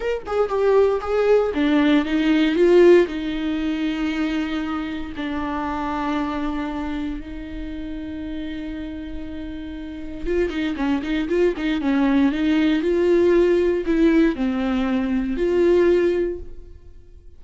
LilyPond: \new Staff \with { instrumentName = "viola" } { \time 4/4 \tempo 4 = 117 ais'8 gis'8 g'4 gis'4 d'4 | dis'4 f'4 dis'2~ | dis'2 d'2~ | d'2 dis'2~ |
dis'1 | f'8 dis'8 cis'8 dis'8 f'8 dis'8 cis'4 | dis'4 f'2 e'4 | c'2 f'2 | }